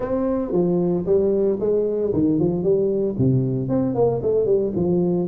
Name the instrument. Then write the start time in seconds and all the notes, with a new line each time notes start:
tuba
0.00 C4
0.52 F3
1.06 G3
1.59 G#3
2.13 D#3
2.39 F3
2.63 G3
3.18 C3
3.68 C4
3.94 A#3
4.22 A3
4.45 G3
4.75 F3